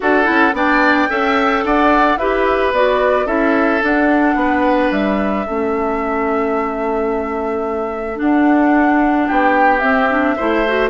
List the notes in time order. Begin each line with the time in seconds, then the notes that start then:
0.00 D4 F#4 A4 F#5
0.24 C#4 E4
0.52 B3 D4 D5 G5
1.08 C#4 A4 E5
1.64 D4 D5 F#5
2.17 E4 G4 B4 E5
2.72 B3 F#4 D5
3.26 C#4 E4 A4 E5
3.81 D4 F#5
4.35 B3 B4
4.91 G3 E5
5.45 A3 C#4 A4
8.16 D4 F#5
9.26 B3 G4 G5
9.79 C4 E5
10.09 D4
10.36 A3 E4 C5
10.67 F#4